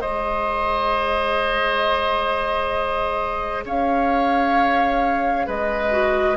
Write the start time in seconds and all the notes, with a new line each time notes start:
0.00 G#3 G#4 C5 D#5
3.65 C#4 C#5 F5
5.46 G#3 B4 D#5
5.90 F#4